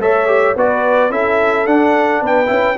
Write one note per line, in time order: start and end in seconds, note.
0.00 0.56 A3
0.00 0.27 A4
0.00 0.57 C#5
0.00 0.57 E5
0.27 0.55 G4
0.56 1.10 B3
0.56 1.11 F#4
0.56 1.12 B4
0.56 1.12 D5
1.10 1.66 C#4
1.10 1.67 E4
1.10 2.23 A4
1.10 1.67 E5
1.66 2.22 D4
1.66 2.46 D4
1.66 2.23 F#5
2.22 2.50 B3
2.22 2.78 B4
2.22 2.78 G5
2.46 2.78 C#4
2.46 2.74 E4